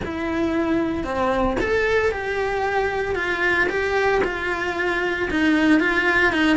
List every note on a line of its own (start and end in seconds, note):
0.05 1.04 E4
1.04 1.56 C4
1.60 2.11 A4
2.11 3.15 G4
3.15 3.67 F4
3.69 4.21 G4
4.24 5.29 F4
5.30 5.79 D#4
5.79 6.32 F4
6.32 6.56 D#4